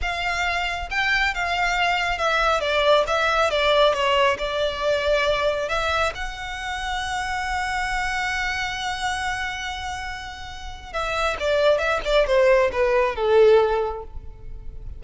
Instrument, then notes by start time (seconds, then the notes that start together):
violin
0.01 F5
0.90 G5
1.34 F5
2.18 E5
2.60 D5
3.07 E5
3.50 D5
3.93 C#5
4.38 D5
5.69 E5
6.14 F#5
10.92 E5
11.39 D5
11.78 E5
12.05 D5
12.26 C5
12.72 B4
13.15 A4